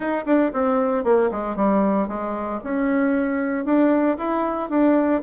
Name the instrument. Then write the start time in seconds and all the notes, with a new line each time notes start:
bassoon
0.00 D#4
0.25 D4
0.53 C4
1.04 A#3
1.31 G#3
1.55 G3
2.08 G#3
2.63 C#4
3.65 D4
4.17 E4
4.69 D4